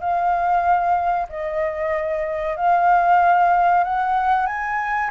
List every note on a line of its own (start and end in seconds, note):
0.00 1.28 F5
1.30 2.56 D#5
2.56 3.84 F5
3.84 4.47 F#5
4.47 5.10 G#5